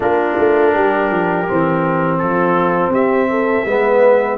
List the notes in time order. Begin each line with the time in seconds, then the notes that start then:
0.00 A#3 D4 F4 A#4
0.38 A3
0.73 G3 G4
1.11 F3
1.47 E3 C4
2.18 F3 F4 A4
2.88 C4 G4 E5
3.30 A4
3.65 G#3 B3 B4